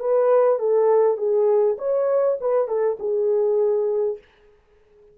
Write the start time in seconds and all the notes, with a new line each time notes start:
0.00 B4
0.59 A4
1.17 G#4
1.78 C#5
2.41 B4
2.68 A4
2.99 G#4